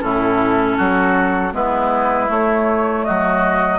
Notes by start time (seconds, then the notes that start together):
0.00 A2 C#4 E4 A4
0.77 F#3 F#4
1.53 G#3 B3 E4 B4
2.27 A3 C#5
3.04 F#3 F#4 D#5